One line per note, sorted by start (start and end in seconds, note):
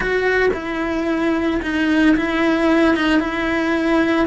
0.00 0.49 F#4
0.53 1.60 E4
1.62 2.16 D#4
2.16 2.96 E4
2.96 3.19 D#4
3.19 4.26 E4